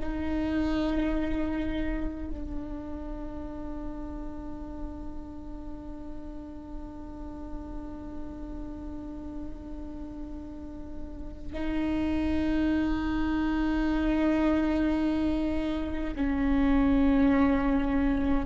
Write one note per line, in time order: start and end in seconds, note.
0.00 2.31 D#4
2.31 11.53 D4
11.53 16.15 D#4
16.15 18.46 C#4